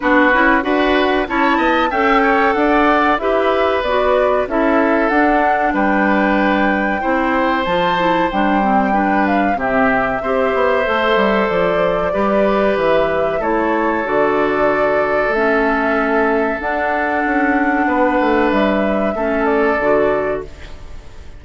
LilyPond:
<<
  \new Staff \with { instrumentName = "flute" } { \time 4/4 \tempo 4 = 94 b'4 fis''4 a''4 g''4 | fis''4 e''4 d''4 e''4 | fis''4 g''2. | a''4 g''4. f''8 e''4~ |
e''2 d''2 | e''4 cis''4 d''2 | e''2 fis''2~ | fis''4 e''4. d''4. | }
  \new Staff \with { instrumentName = "oboe" } { \time 4/4 fis'4 b'4 cis''8 dis''8 e''8 cis''8 | d''4 b'2 a'4~ | a'4 b'2 c''4~ | c''2 b'4 g'4 |
c''2. b'4~ | b'4 a'2.~ | a'1 | b'2 a'2 | }
  \new Staff \with { instrumentName = "clarinet" } { \time 4/4 d'8 e'8 fis'4 e'4 a'4~ | a'4 g'4 fis'4 e'4 | d'2. e'4 | f'8 e'8 d'8 c'8 d'4 c'4 |
g'4 a'2 g'4~ | g'4 e'4 fis'2 | cis'2 d'2~ | d'2 cis'4 fis'4 | }
  \new Staff \with { instrumentName = "bassoon" } { \time 4/4 b8 cis'8 d'4 cis'8 b8 cis'4 | d'4 e'4 b4 cis'4 | d'4 g2 c'4 | f4 g2 c4 |
c'8 b8 a8 g8 f4 g4 | e4 a4 d2 | a2 d'4 cis'4 | b8 a8 g4 a4 d4 | }
>>